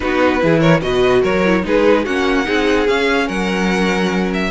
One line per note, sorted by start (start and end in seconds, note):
0.00 0.42 B3
0.00 0.39 D#4
0.00 0.42 F#4
0.00 0.60 B4
0.39 0.82 E3
0.39 0.80 E4
0.39 0.60 G#4
0.60 0.81 A#4
0.60 0.80 C#5
0.81 1.23 B2
0.81 1.42 F#4
0.81 1.21 B4
0.81 1.22 D#5
1.21 1.64 F#3
1.21 1.62 A#4
1.21 1.65 C#5
1.45 1.62 E4
1.62 2.06 G#3
1.62 2.04 D#4
1.62 2.04 G#4
1.62 2.05 B4
2.04 2.47 A#3
2.04 2.44 C#4
2.04 2.45 F#4
2.04 2.87 F#5
2.44 2.88 C4
2.44 2.86 D#4
2.44 3.26 G#4
2.87 3.29 C#4
2.87 4.51 C#4
2.87 3.28 F5
3.26 4.51 F#3
3.26 4.50 A#4
3.26 4.31 F#5
4.33 4.51 E5